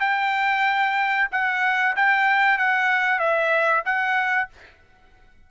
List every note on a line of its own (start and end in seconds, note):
0.00 1.28 G5
1.31 1.95 F#5
1.96 2.58 G5
2.58 3.19 F#5
3.19 3.83 E5
3.85 4.49 F#5